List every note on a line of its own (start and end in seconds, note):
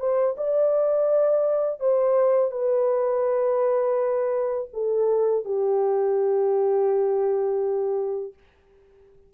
0.00 0.36 C5
0.38 1.80 D5
1.80 2.52 C5
2.52 4.69 B4
4.73 5.45 A4
5.45 8.34 G4